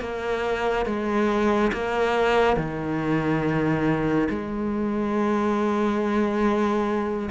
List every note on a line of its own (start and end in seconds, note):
0.00 0.86 A#3
0.86 1.71 G#3
1.73 2.57 A#3
2.57 4.28 D#3
4.29 7.29 G#3